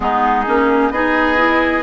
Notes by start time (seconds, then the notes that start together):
0.00 G#3 B3 D#4 G#4
0.46 A#3 C#4
0.90 B3 D#4 G#4 D#5
1.36 E4